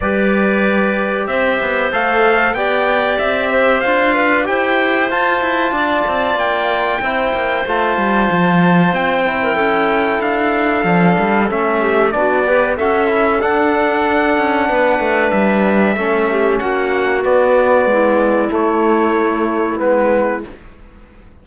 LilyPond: <<
  \new Staff \with { instrumentName = "trumpet" } { \time 4/4 \tempo 4 = 94 d''2 e''4 f''4 | g''4 e''4 f''4 g''4 | a''2 g''2 | a''2 g''2 |
f''2 e''4 d''4 | e''4 fis''2. | e''2 fis''4 d''4~ | d''4 cis''2 b'4 | }
  \new Staff \with { instrumentName = "clarinet" } { \time 4/4 b'2 c''2 | d''4. c''4 b'8 c''4~ | c''4 d''2 c''4~ | c''2~ c''8. ais'16 a'4~ |
a'2~ a'8 g'8 fis'8 b'8 | a'2. b'4~ | b'4 a'8 g'8 fis'2 | e'1 | }
  \new Staff \with { instrumentName = "trombone" } { \time 4/4 g'2. a'4 | g'2 f'4 g'4 | f'2. e'4 | f'2~ f'8 e'4.~ |
e'4 d'4 cis'4 d'8 g'8 | fis'8 e'8 d'2.~ | d'4 cis'2 b4~ | b4 a2 b4 | }
  \new Staff \with { instrumentName = "cello" } { \time 4/4 g2 c'8 b8 a4 | b4 c'4 d'4 e'4 | f'8 e'8 d'8 c'8 ais4 c'8 ais8 | a8 g8 f4 c'4 cis'4 |
d'4 f8 g8 a4 b4 | cis'4 d'4. cis'8 b8 a8 | g4 a4 ais4 b4 | gis4 a2 gis4 | }
>>